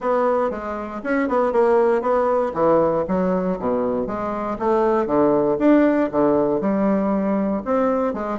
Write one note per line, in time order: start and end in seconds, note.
0.00 0.50 B3
0.50 1.01 G#3
1.03 1.28 C#4
1.28 1.52 B3
1.52 2.01 A#3
2.01 2.52 B3
2.54 3.04 E3
3.08 3.58 F#3
3.59 4.07 B2
4.07 4.57 G#3
4.59 5.06 A3
5.06 5.57 D3
5.59 6.09 D4
6.11 6.60 D3
6.60 7.62 G3
7.64 8.13 C4
8.13 8.39 G#3